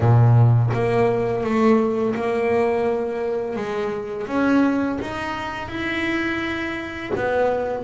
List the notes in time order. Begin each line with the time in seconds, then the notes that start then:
0.00 A#2
0.73 A#3
1.43 A3
2.15 A#3
3.56 G#3
4.27 C#4
5.01 D#4
5.68 E4
7.15 B3